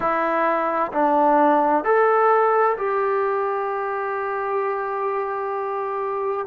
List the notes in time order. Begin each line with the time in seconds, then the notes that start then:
0.00 E4
0.92 D4
1.84 A4
2.77 G4